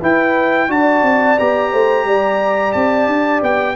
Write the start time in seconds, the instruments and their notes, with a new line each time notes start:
0.00 tuba E4, trombone E4, horn B4, trumpet G5
0.69 tuba D4, trombone F#4, horn D5, trumpet A5
1.03 tuba C4
1.39 tuba B3, trombone G4, trumpet A#5
1.71 tuba A3, horn C5
2.05 tuba G3, horn D5
2.72 tuba C4, trumpet A5
3.07 tuba D4
3.42 tuba B3, trumpet G5